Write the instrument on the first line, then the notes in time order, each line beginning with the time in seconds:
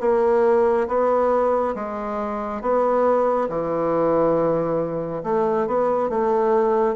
bassoon
0.00 A#3
0.87 B3
1.75 G#3
2.61 B3
3.49 E3
5.23 A3
5.67 B3
6.09 A3